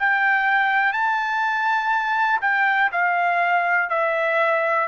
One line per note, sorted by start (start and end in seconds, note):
0.00 0.93 G5
0.93 2.41 A5
2.42 2.91 G5
2.92 3.90 F5
3.90 4.89 E5